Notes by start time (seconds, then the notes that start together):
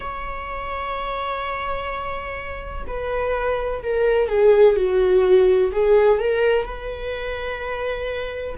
0.00 C#5
2.87 B4
3.83 A#4
4.28 G#4
4.76 F#4
5.71 G#4
6.19 A#4
6.65 B4